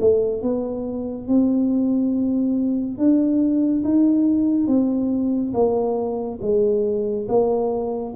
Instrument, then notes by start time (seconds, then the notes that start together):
tuba
0.00 A3
0.42 B3
1.27 C4
2.98 D4
3.84 D#4
4.67 C4
5.54 A#3
6.41 G#3
7.28 A#3